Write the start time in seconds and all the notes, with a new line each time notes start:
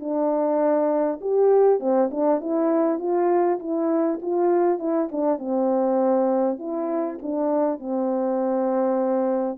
0.00 D4
1.21 G4
1.80 C4
2.11 D4
2.41 E4
2.99 F4
3.59 E4
4.22 F4
4.79 E4
5.12 D4
5.39 C4
6.59 E4
7.22 D4
7.79 C4